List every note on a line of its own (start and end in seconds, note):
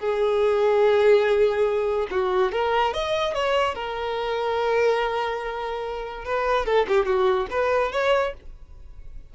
0.00 2.08 G#4
2.11 2.53 F#4
2.53 2.94 A#4
2.94 3.35 D#5
3.35 3.76 C#5
3.76 6.25 A#4
6.25 6.66 B4
6.66 6.87 A4
6.88 7.06 G4
7.06 7.48 F#4
7.51 7.92 B4
7.92 8.34 C#5